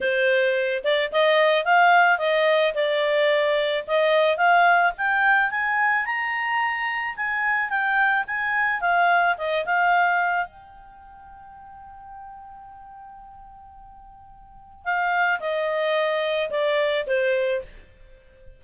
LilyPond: \new Staff \with { instrumentName = "clarinet" } { \time 4/4 \tempo 4 = 109 c''4. d''8 dis''4 f''4 | dis''4 d''2 dis''4 | f''4 g''4 gis''4 ais''4~ | ais''4 gis''4 g''4 gis''4 |
f''4 dis''8 f''4. g''4~ | g''1~ | g''2. f''4 | dis''2 d''4 c''4 | }